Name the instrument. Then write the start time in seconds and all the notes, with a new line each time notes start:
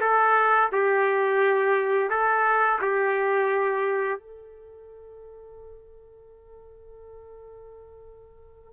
trumpet
0.00 A4
0.72 G4
2.10 A4
2.81 G4
4.20 A4